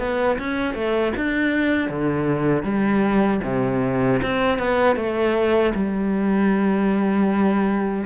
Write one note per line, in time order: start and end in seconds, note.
0.00 0.38 B3
0.39 0.75 C#4
0.75 1.13 A3
1.17 1.90 D4
1.90 2.64 D3
2.64 3.41 G3
3.44 4.21 C3
4.23 4.59 C4
4.59 4.97 B3
4.97 5.73 A3
5.75 8.06 G3